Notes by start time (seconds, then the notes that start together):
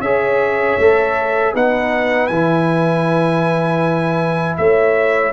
0.00 C#4 G#4 C#5 E5
0.78 A3 A4
1.54 B3 D#4 B4 F#5
2.27 E3 E4 G#5
4.57 A3 C#5 E5